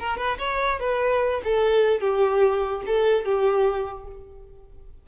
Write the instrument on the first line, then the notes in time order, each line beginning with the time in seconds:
violin
0.00 A#4
0.18 B4
0.39 C#5
0.80 B4
1.45 A4
2.01 G4
2.87 A4
3.25 G4